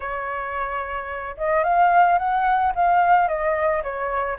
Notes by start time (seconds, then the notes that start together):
0.00 C#5
1.37 D#5
1.63 F5
2.18 F#5
2.75 F5
3.28 D#5
3.83 C#5